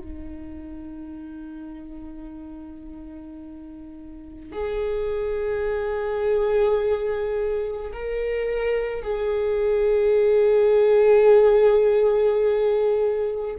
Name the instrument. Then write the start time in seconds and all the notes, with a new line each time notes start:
viola
0.00 D#4
4.52 G#4
7.93 A#4
9.03 G#4